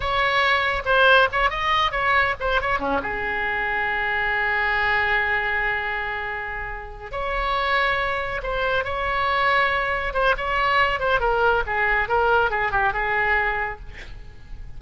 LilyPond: \new Staff \with { instrumentName = "oboe" } { \time 4/4 \tempo 4 = 139 cis''2 c''4 cis''8 dis''8~ | dis''8 cis''4 c''8 cis''8 cis'8 gis'4~ | gis'1~ | gis'1~ |
gis'8 cis''2. c''8~ | c''8 cis''2. c''8 | cis''4. c''8 ais'4 gis'4 | ais'4 gis'8 g'8 gis'2 | }